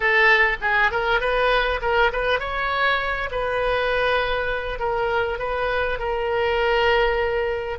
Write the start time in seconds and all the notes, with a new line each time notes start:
0.00 A4
0.61 G#4
0.91 A#4
1.20 B4
1.81 A#4
2.12 B4
2.39 C#5
3.31 B4
4.79 A#4
5.38 B4
5.98 A#4